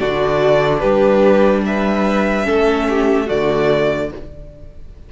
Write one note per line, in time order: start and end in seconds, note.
0.00 0.83 D3
0.00 2.44 D4
0.00 0.81 F#4
0.00 0.80 D5
0.80 2.48 G3
0.80 1.63 G4
0.80 1.62 B4
1.66 2.47 B4
1.66 3.29 E5
2.44 3.30 A3
2.44 3.26 C#4
2.44 2.88 A4
2.90 3.27 G4
3.27 4.12 D3
3.27 4.10 A3
3.27 4.09 F#4
3.27 4.11 D5